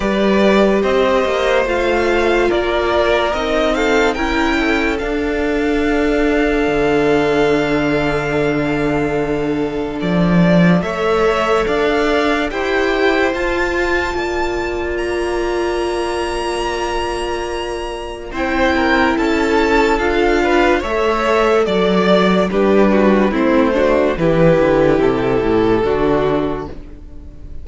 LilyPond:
<<
  \new Staff \with { instrumentName = "violin" } { \time 4/4 \tempo 4 = 72 d''4 dis''4 f''4 d''4 | dis''8 f''8 g''4 f''2~ | f''1 | d''4 e''4 f''4 g''4 |
a''2 ais''2~ | ais''2 g''4 a''4 | f''4 e''4 d''4 b'4 | c''4 b'4 a'2 | }
  \new Staff \with { instrumentName = "violin" } { \time 4/4 b'4 c''2 ais'4~ | ais'8 a'8 ais'8 a'2~ a'8~ | a'1~ | a'4 cis''4 d''4 c''4~ |
c''4 d''2.~ | d''2 c''8 ais'8 a'4~ | a'8 b'8 cis''4 d''4 g'8 fis'8 | e'8 fis'8 g'2 fis'4 | }
  \new Staff \with { instrumentName = "viola" } { \time 4/4 g'2 f'2 | dis'4 e'4 d'2~ | d'1~ | d'4 a'2 g'4 |
f'1~ | f'2 e'2 | f'4 a'2 d'4 | c'8 d'8 e'2 d'4 | }
  \new Staff \with { instrumentName = "cello" } { \time 4/4 g4 c'8 ais8 a4 ais4 | c'4 cis'4 d'2 | d1 | f4 a4 d'4 e'4 |
f'4 ais2.~ | ais2 c'4 cis'4 | d'4 a4 fis4 g4 | a4 e8 d8 c8 a,8 d4 | }
>>